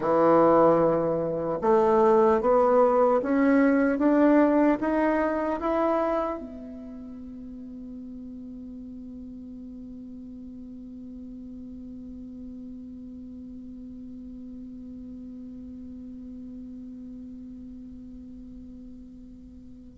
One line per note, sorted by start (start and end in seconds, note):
0.00 1.59 E3
1.61 2.40 A3
2.40 3.20 B3
3.22 3.98 C#4
3.98 4.78 D4
4.80 5.60 D#4
5.60 6.38 E4
6.38 19.98 B3